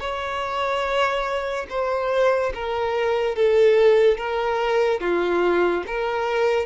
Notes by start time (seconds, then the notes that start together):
0.00 C#5
1.70 C5
2.55 A#4
3.36 A4
4.18 A#4
5.00 F4
5.87 A#4